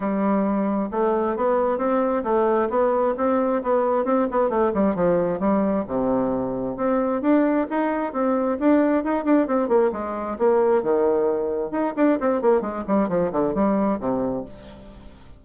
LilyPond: \new Staff \with { instrumentName = "bassoon" } { \time 4/4 \tempo 4 = 133 g2 a4 b4 | c'4 a4 b4 c'4 | b4 c'8 b8 a8 g8 f4 | g4 c2 c'4 |
d'4 dis'4 c'4 d'4 | dis'8 d'8 c'8 ais8 gis4 ais4 | dis2 dis'8 d'8 c'8 ais8 | gis8 g8 f8 d8 g4 c4 | }